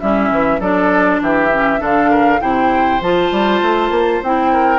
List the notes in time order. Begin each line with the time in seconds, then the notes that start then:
0.00 G3 C#4 E4 E5
0.30 E3
0.59 F#3 D4 A4 D5
1.21 E3 G4 E5
1.51 C#4
1.79 D3 D4 A4 F5
2.10 A#4
2.40 C3 E4 C5 G5
3.00 F3 F4 A5
3.31 G3
3.62 A3
3.90 A#3
4.22 C4 E4 G5
4.52 A#4